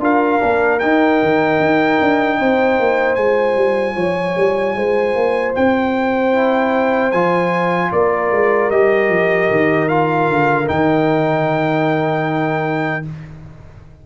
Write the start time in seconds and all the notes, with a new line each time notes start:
0.00 D4 F4 A#4 F5
0.40 A#3 D4
0.79 D#4 G5
1.23 D#3
1.60 D#4
2.01 D4
2.39 C4 C5
2.79 A#3
3.15 G#3 F4 G#5
3.56 G3
3.96 F3 C#5
4.37 G3
4.76 G#3 C5
5.15 A#3
5.55 C4 G5
6.33 E4
7.12 F3 F4 G#5
7.92 A#3 A#4 D5
8.31 G#3
8.71 G3 G4 D#5
9.09 F3
9.50 D#3
9.88 F4 F5
10.29 D3
10.66 D#3 D#4 G5